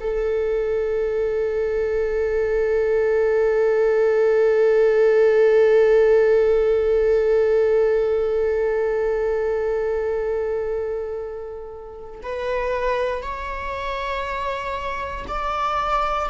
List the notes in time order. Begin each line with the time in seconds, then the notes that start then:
0.00 A4
12.23 B4
13.22 C#5
15.28 D5